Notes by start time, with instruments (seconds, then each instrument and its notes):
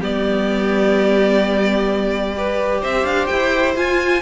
0.00 cello G3, viola B3, violin G4 D5
2.35 viola G4, violin B4
2.81 cello C4, violin C5 E5
3.04 cello D4, violin F5
3.26 cello E4, violin G5
3.76 cello F4, viola F4, violin G#5